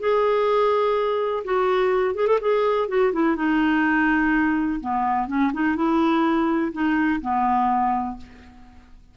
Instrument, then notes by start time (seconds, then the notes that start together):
clarinet
0.00 G#4
1.45 F#4
2.16 G#4
2.28 A4
2.41 G#4
2.89 F#4
3.13 E4
3.37 D#4
4.81 B3
5.28 C#4
5.54 D#4
5.76 E4
6.73 D#4
7.22 B3